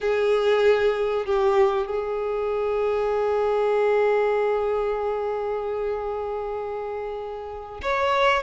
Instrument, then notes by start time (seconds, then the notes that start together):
violin
0.01 G#4
1.25 G4
1.87 G#4
7.82 C#5